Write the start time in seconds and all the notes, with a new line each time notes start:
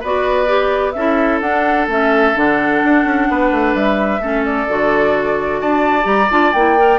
0.00 B3 F#4 B4 D5
0.47 G4
0.92 C#4 E4 A4 E5
1.41 D4 F#5
1.88 A3 C#4 E5
2.35 D3 D4 F#5
2.84 D4
3.04 C#4
3.30 B3 B4
3.51 A3
3.75 G3 E5
4.20 A3 C#4 A4
4.45 D5
4.69 D3 F#4
5.61 D4 D5 A5
6.02 G3 G4 A#5
6.30 D4 F4 A5
6.53 A#3 E4 G5
6.78 A#4